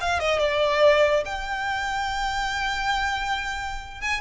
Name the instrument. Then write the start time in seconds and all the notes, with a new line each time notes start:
violin
0.00 F5
0.19 D#5
0.38 D5
1.25 G5
4.01 G#5